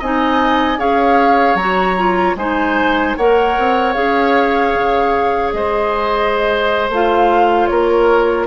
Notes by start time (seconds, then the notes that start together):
0.00 C4 D#4 D#5 G#5
0.78 C#4 G#4 C#5 F5
1.55 F#3 F#4 A#5
1.97 F4
2.36 G#3 D#4 C5 G#5
3.17 A#3 A#4 C#5 F#5
3.58 C4
3.94 C#4 G#4 F5
4.75 C#3
5.52 G#3 C5 D#5
6.90 A3 F4 F5
7.67 A#3 A#4 C#5